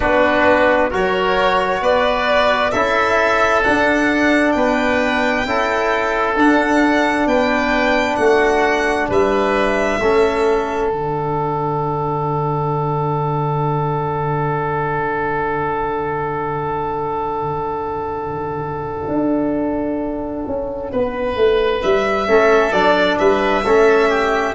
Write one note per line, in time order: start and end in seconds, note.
0.00 0.92 B3
0.00 0.91 D4
0.00 0.90 F#4
0.00 0.90 B4
0.90 1.81 F#3
0.90 2.72 F#4
0.90 1.81 A#4
0.90 1.83 C#5
1.81 2.72 B3
1.81 2.72 B4
1.81 2.71 D5
2.71 3.64 C#4
2.71 3.63 E4
2.71 4.54 A4
2.71 3.62 E5
3.63 5.45 D4
3.63 4.55 D4
3.63 4.51 F#5
4.51 5.45 B3
4.51 5.47 B4
4.51 6.33 G5
5.45 6.36 C#4
5.45 6.36 E4
5.45 7.28 A4
6.36 7.26 D4
6.36 10.00 D4
6.36 7.27 F#5
7.26 8.17 B3
7.26 8.19 B4
7.26 8.16 G5
8.16 9.09 A3
8.16 9.09 F#4
8.16 9.06 F#5
9.09 10.00 G3
9.09 10.00 B4
9.09 10.90 E5
10.01 10.91 A3
10.01 10.93 C#4
10.01 20.91 A4
10.90 19.08 D3
10.90 22.27 D4
10.90 21.80 F#5
19.08 20.44 D4
20.46 20.92 C#4
20.91 21.36 B3
20.91 22.28 B4
21.36 21.81 A3
21.82 22.28 G3
21.82 22.72 E5
22.27 22.72 A3
22.27 22.72 C#4
22.27 23.19 A4
22.72 23.17 F#3
22.72 23.64 D4
22.72 23.17 D5
23.18 23.63 G3
23.18 23.64 B4
23.18 24.54 E5
23.63 24.54 A3
23.63 24.54 C#4
23.63 24.09 A4
24.09 24.54 G4